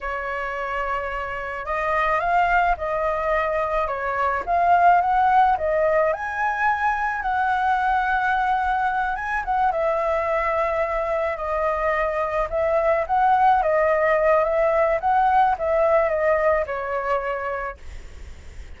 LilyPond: \new Staff \with { instrumentName = "flute" } { \time 4/4 \tempo 4 = 108 cis''2. dis''4 | f''4 dis''2 cis''4 | f''4 fis''4 dis''4 gis''4~ | gis''4 fis''2.~ |
fis''8 gis''8 fis''8 e''2~ e''8~ | e''8 dis''2 e''4 fis''8~ | fis''8 dis''4. e''4 fis''4 | e''4 dis''4 cis''2 | }